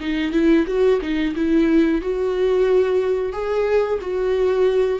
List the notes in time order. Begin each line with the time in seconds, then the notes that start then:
0.00 D#4
0.32 E4
0.67 F#4
1.01 D#4
1.35 E4
2.01 F#4
3.32 G#4
4.01 F#4